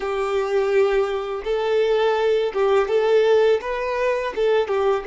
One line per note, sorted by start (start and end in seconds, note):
0.00 1.43 G4
1.44 2.53 A4
2.53 2.88 G4
2.88 3.60 A4
3.61 4.33 B4
4.35 4.68 A4
4.68 5.04 G4